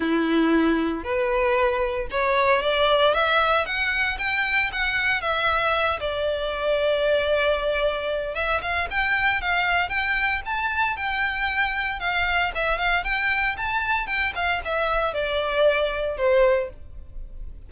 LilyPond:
\new Staff \with { instrumentName = "violin" } { \time 4/4 \tempo 4 = 115 e'2 b'2 | cis''4 d''4 e''4 fis''4 | g''4 fis''4 e''4. d''8~ | d''1 |
e''8 f''8 g''4 f''4 g''4 | a''4 g''2 f''4 | e''8 f''8 g''4 a''4 g''8 f''8 | e''4 d''2 c''4 | }